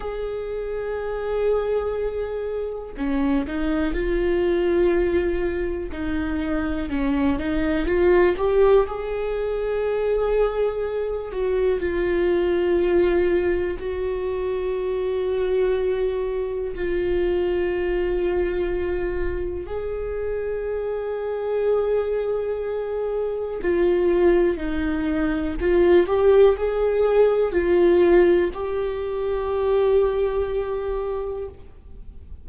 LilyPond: \new Staff \with { instrumentName = "viola" } { \time 4/4 \tempo 4 = 61 gis'2. cis'8 dis'8 | f'2 dis'4 cis'8 dis'8 | f'8 g'8 gis'2~ gis'8 fis'8 | f'2 fis'2~ |
fis'4 f'2. | gis'1 | f'4 dis'4 f'8 g'8 gis'4 | f'4 g'2. | }